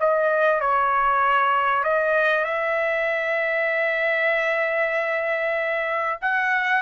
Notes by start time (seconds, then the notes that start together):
0.00 D#5
0.61 C#5
1.84 D#5
2.45 E5
6.22 F#5